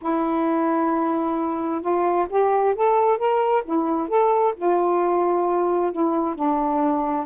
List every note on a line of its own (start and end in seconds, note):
0.01 1.81 E4
1.81 2.26 F4
2.29 2.75 G4
2.75 3.17 A4
3.17 3.63 A#4
3.64 4.08 E4
4.08 4.54 A4
4.55 5.92 F4
5.92 6.35 E4
6.35 7.26 D4